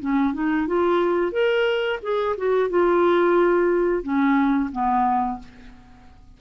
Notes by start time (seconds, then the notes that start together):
0.00 C#4
0.34 D#4
0.67 F4
1.32 A#4
2.02 G#4
2.37 F#4
2.70 F4
4.03 C#4
4.72 B3